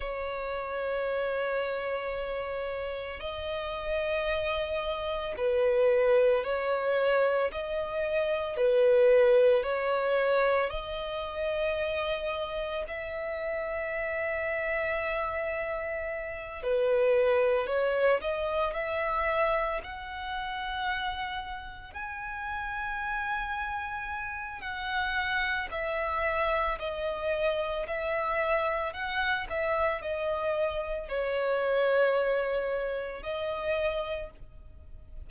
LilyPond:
\new Staff \with { instrumentName = "violin" } { \time 4/4 \tempo 4 = 56 cis''2. dis''4~ | dis''4 b'4 cis''4 dis''4 | b'4 cis''4 dis''2 | e''2.~ e''8 b'8~ |
b'8 cis''8 dis''8 e''4 fis''4.~ | fis''8 gis''2~ gis''8 fis''4 | e''4 dis''4 e''4 fis''8 e''8 | dis''4 cis''2 dis''4 | }